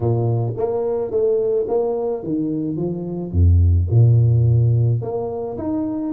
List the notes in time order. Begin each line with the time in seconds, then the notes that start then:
0.00 A#2
0.57 A#3
1.10 A3
1.68 A#3
2.23 D#3
2.76 F3
3.31 F2
3.90 A#2
5.02 A#3
5.57 D#4